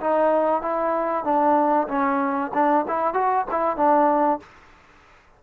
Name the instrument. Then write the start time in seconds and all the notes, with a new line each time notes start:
trombone
0.00 D#4
0.61 E4
1.24 D4
1.88 C#4
2.53 D4
2.87 E4
3.13 F#4
3.51 E4
3.76 D4